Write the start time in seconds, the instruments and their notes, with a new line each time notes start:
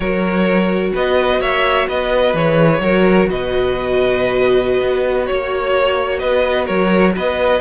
0.00 cello F#3, viola F#4, violin A#4 C#5
0.93 cello B3, violin B4 D#5
1.39 cello A#3, violin C#5 E5
1.87 cello B3, violin B4 D#5
2.33 cello E3, viola G#4, violin C#5
2.79 cello F#3, viola F#4, violin A#4
3.28 cello B2, violin B4 D#5
4.81 cello B3
5.26 cello A#3, violin C#5
6.19 cello B3, violin B4 D#5
6.65 cello F#3, violin A#4 C#5
7.16 cello B3, violin B4 D#5